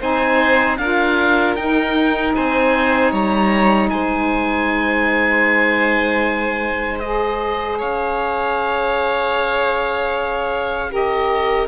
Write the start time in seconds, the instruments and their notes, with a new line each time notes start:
0.00 cello C4, saxophone D#4, violin C5, oboe G#5
0.77 cello D4, saxophone F4, violin A#4, oboe F5
1.55 cello D#4, saxophone D#4, oboe G5
2.34 cello C4, violin C5, oboe G#5
3.11 cello G3, violin C#5, oboe A#5
3.90 cello G#3, violin C5, oboe G#5
6.99 saxophone G#4, oboe D#5
7.78 cello C#4, violin C#5, oboe F5
10.88 saxophone G4, violin A#4
10.94 oboe D#5